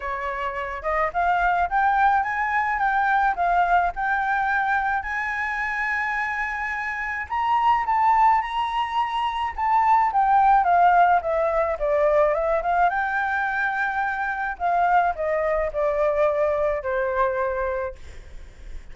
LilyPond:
\new Staff \with { instrumentName = "flute" } { \time 4/4 \tempo 4 = 107 cis''4. dis''8 f''4 g''4 | gis''4 g''4 f''4 g''4~ | g''4 gis''2.~ | gis''4 ais''4 a''4 ais''4~ |
ais''4 a''4 g''4 f''4 | e''4 d''4 e''8 f''8 g''4~ | g''2 f''4 dis''4 | d''2 c''2 | }